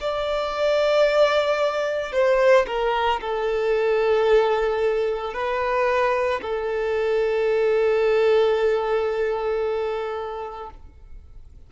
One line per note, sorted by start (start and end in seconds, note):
0.00 2.12 D5
2.12 2.66 C5
2.67 3.20 A#4
3.21 5.33 A4
5.33 6.40 B4
6.41 10.70 A4